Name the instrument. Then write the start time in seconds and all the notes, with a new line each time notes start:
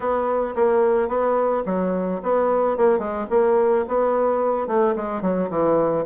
bassoon
0.00 B3
0.55 A#3
1.08 B3
1.65 F#3
2.22 B3
2.77 A#3
2.98 G#3
3.30 A#3
3.88 B3
4.67 A3
4.96 G#3
5.21 F#3
5.50 E3